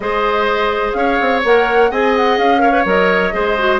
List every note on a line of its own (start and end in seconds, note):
0.00 0.92 G#3
0.00 1.43 G#4
0.00 0.97 C5
0.00 0.93 D#5
0.93 1.18 C#4
0.93 1.90 C#5
0.93 1.40 F5
1.21 1.44 C4
1.44 1.91 A#3
1.44 1.91 A#4
1.44 1.91 F#5
1.90 2.38 C4
1.90 2.58 G#4
1.90 2.62 D#5
1.90 2.15 G#5
2.16 2.37 F#5
2.37 2.85 C#4
2.37 2.85 F5
2.58 2.70 A#4
2.58 3.34 C#5
2.71 2.83 B4
2.85 3.32 F#3
2.85 3.32 A#4
2.85 3.80 D#5
3.32 3.80 G#3
3.32 3.56 G#4
3.32 3.80 C5
3.58 3.80 F#4